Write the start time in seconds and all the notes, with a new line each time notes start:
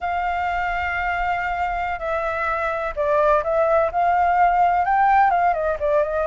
0.00 F5
1.99 E5
2.96 D5
3.43 E5
3.91 F5
4.84 G5
5.30 F5
5.53 D#5
5.79 D5
6.03 D#5